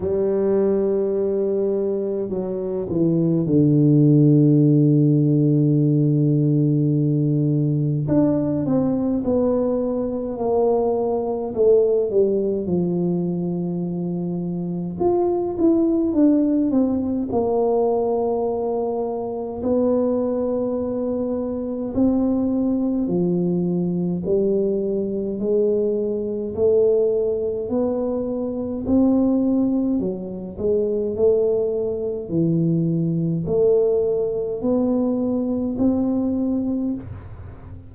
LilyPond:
\new Staff \with { instrumentName = "tuba" } { \time 4/4 \tempo 4 = 52 g2 fis8 e8 d4~ | d2. d'8 c'8 | b4 ais4 a8 g8 f4~ | f4 f'8 e'8 d'8 c'8 ais4~ |
ais4 b2 c'4 | f4 g4 gis4 a4 | b4 c'4 fis8 gis8 a4 | e4 a4 b4 c'4 | }